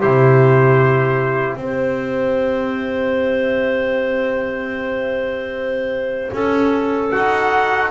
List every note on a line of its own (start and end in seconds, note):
0.00 1.57 C3
0.00 1.61 E4
0.00 1.58 G4
0.00 1.57 C5
1.57 6.31 C4
1.57 7.12 G4
1.57 7.10 E5
1.63 6.34 C5
6.33 7.12 C#4
6.33 7.91 A4
7.12 7.91 D#4
7.12 7.91 F#4
7.12 7.90 F#5